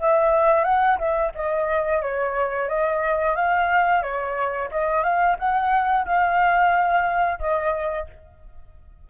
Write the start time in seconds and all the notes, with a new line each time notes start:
0.00 E5
0.65 F#5
0.99 E5
1.35 D#5
2.02 C#5
2.69 D#5
3.36 F5
4.03 C#5
4.71 D#5
5.04 F5
5.39 F#5
6.06 F5
7.40 D#5